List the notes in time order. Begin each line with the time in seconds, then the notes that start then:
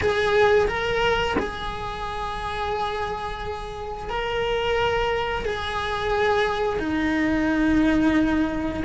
0.01 G#4
0.68 A#4
1.38 G#4
4.09 A#4
5.45 G#4
6.79 D#4